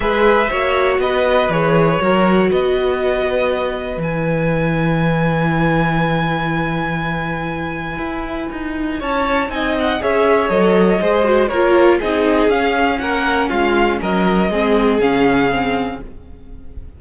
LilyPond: <<
  \new Staff \with { instrumentName = "violin" } { \time 4/4 \tempo 4 = 120 e''2 dis''4 cis''4~ | cis''4 dis''2. | gis''1~ | gis''1~ |
gis''2 a''4 gis''8 fis''8 | e''4 dis''2 cis''4 | dis''4 f''4 fis''4 f''4 | dis''2 f''2 | }
  \new Staff \with { instrumentName = "violin" } { \time 4/4 b'4 cis''4 b'2 | ais'4 b'2.~ | b'1~ | b'1~ |
b'2 cis''4 dis''4 | cis''2 c''4 ais'4 | gis'2 ais'4 f'4 | ais'4 gis'2. | }
  \new Staff \with { instrumentName = "viola" } { \time 4/4 gis'4 fis'2 gis'4 | fis'1 | e'1~ | e'1~ |
e'2. dis'4 | gis'4 a'4 gis'8 fis'8 f'4 | dis'4 cis'2.~ | cis'4 c'4 cis'4 c'4 | }
  \new Staff \with { instrumentName = "cello" } { \time 4/4 gis4 ais4 b4 e4 | fis4 b2. | e1~ | e1 |
e'4 dis'4 cis'4 c'4 | cis'4 fis4 gis4 ais4 | c'4 cis'4 ais4 gis4 | fis4 gis4 cis2 | }
>>